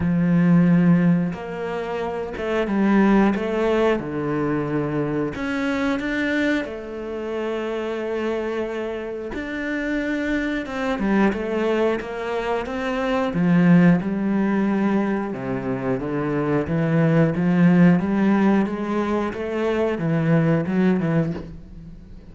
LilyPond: \new Staff \with { instrumentName = "cello" } { \time 4/4 \tempo 4 = 90 f2 ais4. a8 | g4 a4 d2 | cis'4 d'4 a2~ | a2 d'2 |
c'8 g8 a4 ais4 c'4 | f4 g2 c4 | d4 e4 f4 g4 | gis4 a4 e4 fis8 e8 | }